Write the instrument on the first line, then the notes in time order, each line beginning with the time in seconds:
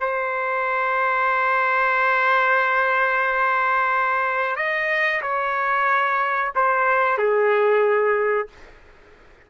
trumpet
0.00 C5
4.56 D#5
5.22 C#5
6.55 C5
7.18 G#4